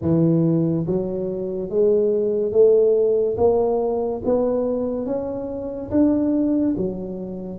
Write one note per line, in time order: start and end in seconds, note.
0.01 0.86 E3
0.86 1.69 F#3
1.69 2.52 G#3
2.52 3.36 A3
3.37 4.21 A#3
4.24 5.06 B3
5.06 5.90 C#4
5.90 6.75 D4
6.77 7.59 F#3